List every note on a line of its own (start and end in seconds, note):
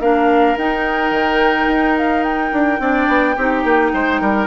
0.00 0.56 A#3
0.00 0.57 D4
0.00 2.81 A#4
0.00 0.57 F5
0.57 1.11 D#4
0.57 2.80 D#4
0.57 1.98 G5
1.11 1.67 D#3
1.67 2.51 D#4
1.98 2.23 F5
2.23 4.47 G5
2.52 2.79 D4
2.79 3.07 C4
2.79 3.36 D4
2.79 3.36 D5
3.08 3.36 B3
3.36 3.64 C4
3.36 4.47 D#4
3.36 3.92 G4
3.64 3.92 A#3
3.93 4.21 G#3
3.93 4.21 C5
4.21 4.47 G3
4.21 4.47 A#4